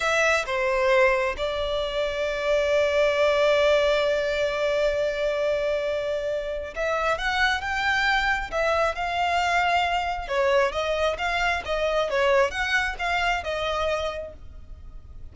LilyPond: \new Staff \with { instrumentName = "violin" } { \time 4/4 \tempo 4 = 134 e''4 c''2 d''4~ | d''1~ | d''1~ | d''2. e''4 |
fis''4 g''2 e''4 | f''2. cis''4 | dis''4 f''4 dis''4 cis''4 | fis''4 f''4 dis''2 | }